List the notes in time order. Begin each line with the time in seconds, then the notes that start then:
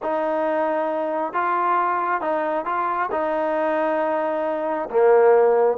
0.02 D#4
1.33 F4
2.21 D#4
2.65 F4
3.11 D#4
4.89 A#3